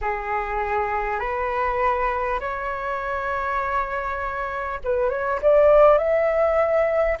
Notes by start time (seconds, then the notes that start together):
0.01 G#4
1.19 B4
2.39 C#5
4.84 B4
5.09 C#5
5.41 D5
5.98 E5